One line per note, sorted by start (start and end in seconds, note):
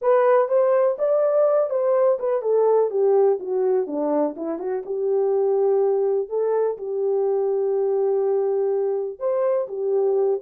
0.01 0.48 B4
0.48 0.97 C5
0.98 1.70 D5
1.70 2.18 C5
2.19 2.41 B4
2.41 2.90 A4
2.90 3.38 G4
3.39 3.86 F#4
3.86 4.35 D4
4.36 4.58 E4
4.58 4.83 F#4
4.85 6.28 G4
6.28 6.77 A4
6.77 9.19 G4
9.19 9.67 C5
9.68 10.40 G4